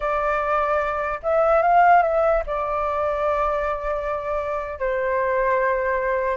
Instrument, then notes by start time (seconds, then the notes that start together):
flute
0.00 D5
1.22 E5
1.62 F5
2.02 E5
2.46 D5
4.79 C5